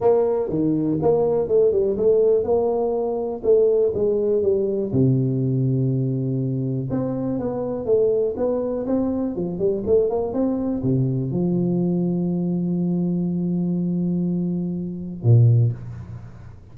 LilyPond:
\new Staff \with { instrumentName = "tuba" } { \time 4/4 \tempo 4 = 122 ais4 dis4 ais4 a8 g8 | a4 ais2 a4 | gis4 g4 c2~ | c2 c'4 b4 |
a4 b4 c'4 f8 g8 | a8 ais8 c'4 c4 f4~ | f1~ | f2. ais,4 | }